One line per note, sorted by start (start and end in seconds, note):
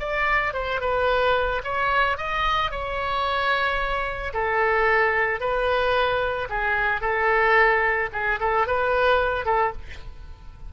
0.00 0.54 D5
0.54 0.81 C5
0.81 1.62 B4
1.64 2.18 C#5
2.18 2.71 D#5
2.71 4.33 C#5
4.34 5.41 A4
5.41 6.49 B4
6.50 7.01 G#4
7.01 8.10 A4
8.13 8.40 G#4
8.40 8.67 A4
8.67 9.45 B4
9.45 9.72 A4